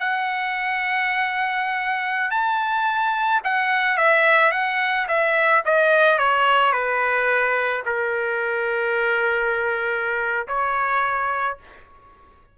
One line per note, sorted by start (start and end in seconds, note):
0.00 2.31 F#5
2.31 3.41 A5
3.44 3.97 F#5
3.97 4.52 E5
4.52 5.07 F#5
5.08 5.63 E5
5.65 6.18 D#5
6.18 6.73 C#5
6.73 7.83 B4
7.86 10.47 A#4
10.48 11.58 C#5